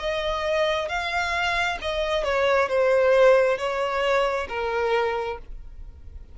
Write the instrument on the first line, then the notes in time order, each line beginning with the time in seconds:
violin
0.00 D#5
0.89 F5
1.82 D#5
2.24 C#5
2.69 C5
3.58 C#5
4.49 A#4